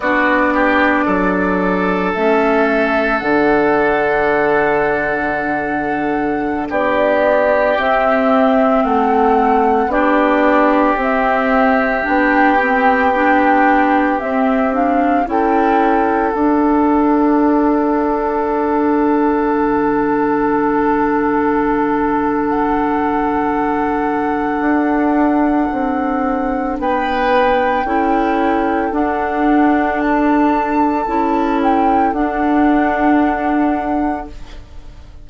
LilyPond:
<<
  \new Staff \with { instrumentName = "flute" } { \time 4/4 \tempo 4 = 56 d''2 e''4 fis''4~ | fis''2~ fis''16 d''4 e''8.~ | e''16 fis''4 d''4 e''4 g''8.~ | g''4~ g''16 e''8 f''8 g''4 f''8.~ |
f''1~ | f''4 fis''2.~ | fis''4 g''2 fis''4 | a''4. g''8 fis''2 | }
  \new Staff \with { instrumentName = "oboe" } { \time 4/4 fis'8 g'8 a'2.~ | a'2~ a'16 g'4.~ g'16~ | g'16 a'4 g'2~ g'8.~ | g'2~ g'16 a'4.~ a'16~ |
a'1~ | a'1~ | a'4 b'4 a'2~ | a'1 | }
  \new Staff \with { instrumentName = "clarinet" } { \time 4/4 d'2 cis'4 d'4~ | d'2.~ d'16 c'8.~ | c'4~ c'16 d'4 c'4 d'8 c'16~ | c'16 d'4 c'8 d'8 e'4 d'8.~ |
d'1~ | d'1~ | d'2 e'4 d'4~ | d'4 e'4 d'2 | }
  \new Staff \with { instrumentName = "bassoon" } { \time 4/4 b4 fis4 a4 d4~ | d2~ d16 b4 c'8.~ | c'16 a4 b4 c'4 b8.~ | b4~ b16 c'4 cis'4 d'8.~ |
d'2~ d'16 d4.~ d16~ | d2. d'4 | c'4 b4 cis'4 d'4~ | d'4 cis'4 d'2 | }
>>